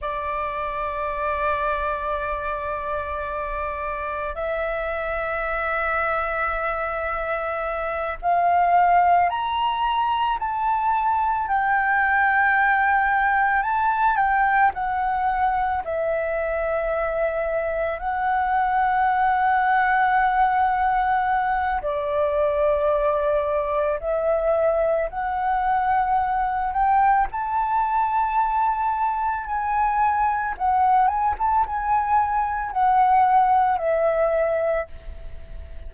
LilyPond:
\new Staff \with { instrumentName = "flute" } { \time 4/4 \tempo 4 = 55 d''1 | e''2.~ e''8 f''8~ | f''8 ais''4 a''4 g''4.~ | g''8 a''8 g''8 fis''4 e''4.~ |
e''8 fis''2.~ fis''8 | d''2 e''4 fis''4~ | fis''8 g''8 a''2 gis''4 | fis''8 gis''16 a''16 gis''4 fis''4 e''4 | }